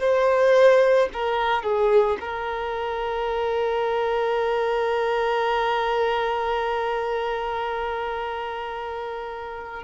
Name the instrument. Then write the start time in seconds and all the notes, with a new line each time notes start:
violin
0.00 C5
1.13 A#4
1.63 G#4
2.20 A#4